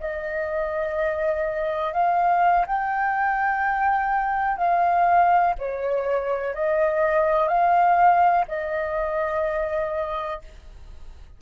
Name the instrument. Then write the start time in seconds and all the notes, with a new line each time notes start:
flute
0.00 D#5
1.93 F5
2.66 G5
4.57 F5
5.58 C#5
6.54 D#5
7.48 F5
8.48 D#5